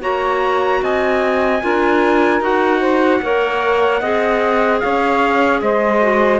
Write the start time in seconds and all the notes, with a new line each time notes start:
0.00 A#3 F#4 C#5 A#5
0.82 C4 D#5 G#5
1.61 D4 F4 A#4
2.40 D#4 F#4 F#5
2.80 C5
3.21 A#3 A#4 C#5
4.00 C4 G#4 D#5
4.79 C#4 C#5 F5
5.61 G#3 C5 D#5
6.01 F#4